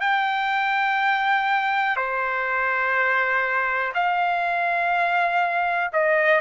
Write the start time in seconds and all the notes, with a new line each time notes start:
0.00 G5
1.96 C5
3.94 F5
5.93 D#5